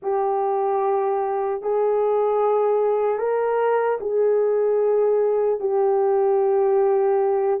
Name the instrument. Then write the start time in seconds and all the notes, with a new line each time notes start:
horn
0.02 G4
1.62 G#4
3.18 A#4
4.00 G#4
5.60 G4